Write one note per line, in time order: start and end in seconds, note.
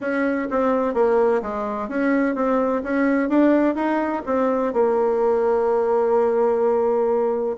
0.01 0.48 C#4
0.50 0.94 C4
0.94 1.41 A#3
1.42 1.88 G#3
1.88 2.35 C#4
2.35 2.82 C4
2.83 3.29 C#4
3.29 3.75 D4
3.75 4.22 D#4
4.26 4.73 C4
4.73 7.56 A#3